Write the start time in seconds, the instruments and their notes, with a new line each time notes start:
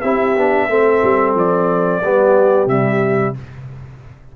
0.00 tuba C4, trombone E4, horn G4, trumpet E5
0.37 tuba B3, trombone D4
0.68 tuba A3, trombone C4, horn A4
1.03 tuba G3
1.34 tuba F3, trumpet D5
2.02 tuba G3, trombone B3, horn G4
2.66 tuba C3, trombone G3, trumpet E5